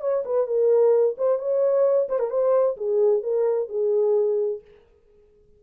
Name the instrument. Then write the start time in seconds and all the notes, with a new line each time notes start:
horn
0.00 C#5
0.25 B4
0.46 A#4
1.17 C5
1.38 C#5
2.08 C5
2.19 A#4
2.30 C5
2.76 G#4
3.22 A#4
3.69 G#4